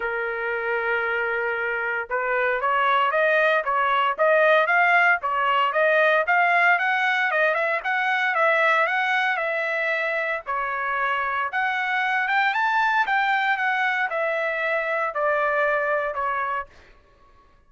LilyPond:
\new Staff \with { instrumentName = "trumpet" } { \time 4/4 \tempo 4 = 115 ais'1 | b'4 cis''4 dis''4 cis''4 | dis''4 f''4 cis''4 dis''4 | f''4 fis''4 dis''8 e''8 fis''4 |
e''4 fis''4 e''2 | cis''2 fis''4. g''8 | a''4 g''4 fis''4 e''4~ | e''4 d''2 cis''4 | }